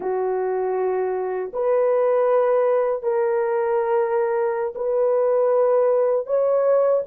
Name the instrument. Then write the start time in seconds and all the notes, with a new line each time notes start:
horn
0.00 F#4
1.53 B4
3.02 A#4
4.75 B4
6.26 C#5